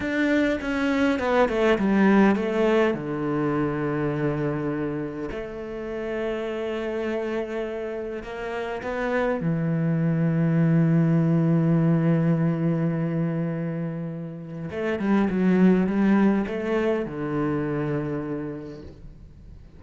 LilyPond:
\new Staff \with { instrumentName = "cello" } { \time 4/4 \tempo 4 = 102 d'4 cis'4 b8 a8 g4 | a4 d2.~ | d4 a2.~ | a2 ais4 b4 |
e1~ | e1~ | e4 a8 g8 fis4 g4 | a4 d2. | }